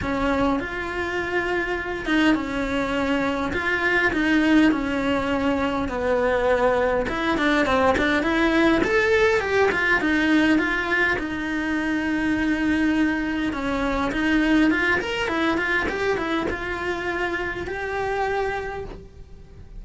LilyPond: \new Staff \with { instrumentName = "cello" } { \time 4/4 \tempo 4 = 102 cis'4 f'2~ f'8 dis'8 | cis'2 f'4 dis'4 | cis'2 b2 | e'8 d'8 c'8 d'8 e'4 a'4 |
g'8 f'8 dis'4 f'4 dis'4~ | dis'2. cis'4 | dis'4 f'8 ais'8 e'8 f'8 g'8 e'8 | f'2 g'2 | }